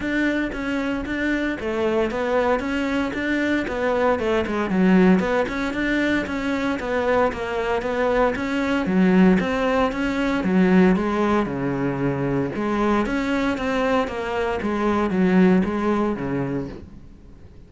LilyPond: \new Staff \with { instrumentName = "cello" } { \time 4/4 \tempo 4 = 115 d'4 cis'4 d'4 a4 | b4 cis'4 d'4 b4 | a8 gis8 fis4 b8 cis'8 d'4 | cis'4 b4 ais4 b4 |
cis'4 fis4 c'4 cis'4 | fis4 gis4 cis2 | gis4 cis'4 c'4 ais4 | gis4 fis4 gis4 cis4 | }